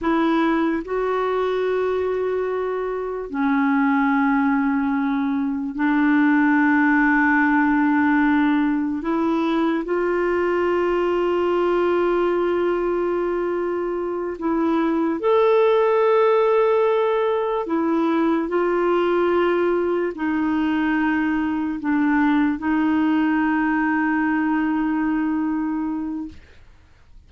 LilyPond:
\new Staff \with { instrumentName = "clarinet" } { \time 4/4 \tempo 4 = 73 e'4 fis'2. | cis'2. d'4~ | d'2. e'4 | f'1~ |
f'4. e'4 a'4.~ | a'4. e'4 f'4.~ | f'8 dis'2 d'4 dis'8~ | dis'1 | }